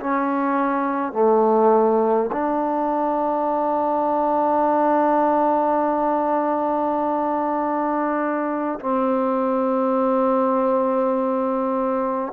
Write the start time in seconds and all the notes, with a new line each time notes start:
0.00 C#4
1.12 A3
2.32 D4
8.80 C4